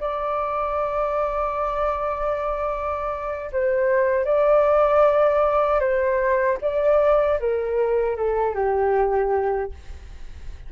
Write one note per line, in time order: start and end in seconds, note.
0.00 3.51 D5
3.52 4.25 C5
4.25 5.80 D5
5.80 6.58 C5
6.61 7.39 D5
7.40 8.16 A#4
8.16 8.55 A4
8.55 9.72 G4